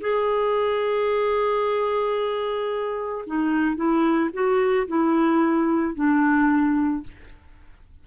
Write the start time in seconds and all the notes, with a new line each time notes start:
0.00 G#4
3.26 D#4
3.76 E4
4.33 F#4
4.87 E4
5.95 D4